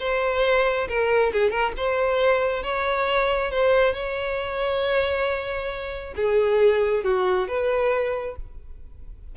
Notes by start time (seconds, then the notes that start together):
0.00 C5
0.89 A#4
1.33 G#4
1.51 A#4
1.77 C5
2.64 C#5
3.52 C5
3.94 C#5
6.17 G#4
7.04 F#4
7.48 B4